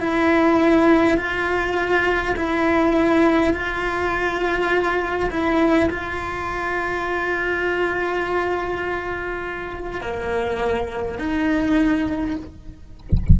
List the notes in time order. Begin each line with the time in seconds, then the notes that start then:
0.00 E4
1.17 F4
2.36 E4
3.53 F4
5.30 E4
5.89 F4
10.01 A#3
11.18 D#4